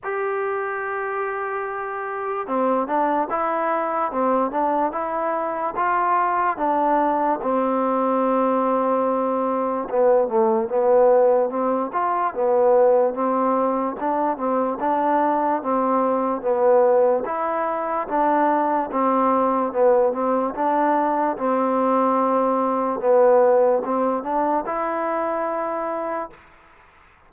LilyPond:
\new Staff \with { instrumentName = "trombone" } { \time 4/4 \tempo 4 = 73 g'2. c'8 d'8 | e'4 c'8 d'8 e'4 f'4 | d'4 c'2. | b8 a8 b4 c'8 f'8 b4 |
c'4 d'8 c'8 d'4 c'4 | b4 e'4 d'4 c'4 | b8 c'8 d'4 c'2 | b4 c'8 d'8 e'2 | }